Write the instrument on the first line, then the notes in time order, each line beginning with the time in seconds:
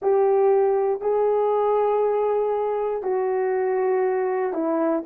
horn
0.02 G4
1.01 G#4
3.02 F#4
4.53 E4